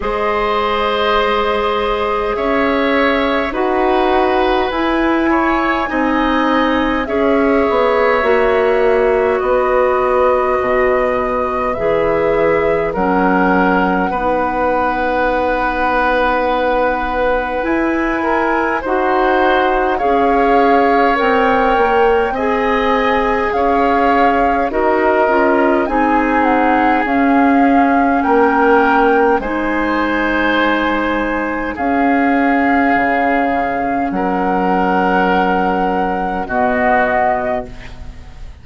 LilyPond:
<<
  \new Staff \with { instrumentName = "flute" } { \time 4/4 \tempo 4 = 51 dis''2 e''4 fis''4 | gis''2 e''2 | dis''2 e''4 fis''4~ | fis''2. gis''4 |
fis''4 f''4 g''4 gis''4 | f''4 dis''4 gis''8 fis''8 f''4 | g''4 gis''2 f''4~ | f''4 fis''2 dis''4 | }
  \new Staff \with { instrumentName = "oboe" } { \time 4/4 c''2 cis''4 b'4~ | b'8 cis''8 dis''4 cis''2 | b'2. ais'4 | b'2.~ b'8 ais'8 |
c''4 cis''2 dis''4 | cis''4 ais'4 gis'2 | ais'4 c''2 gis'4~ | gis'4 ais'2 fis'4 | }
  \new Staff \with { instrumentName = "clarinet" } { \time 4/4 gis'2. fis'4 | e'4 dis'4 gis'4 fis'4~ | fis'2 gis'4 cis'4 | dis'2. e'4 |
fis'4 gis'4 ais'4 gis'4~ | gis'4 fis'8 f'8 dis'4 cis'4~ | cis'4 dis'2 cis'4~ | cis'2. b4 | }
  \new Staff \with { instrumentName = "bassoon" } { \time 4/4 gis2 cis'4 dis'4 | e'4 c'4 cis'8 b8 ais4 | b4 b,4 e4 fis4 | b2. e'4 |
dis'4 cis'4 c'8 ais8 c'4 | cis'4 dis'8 cis'8 c'4 cis'4 | ais4 gis2 cis'4 | cis4 fis2 b,4 | }
>>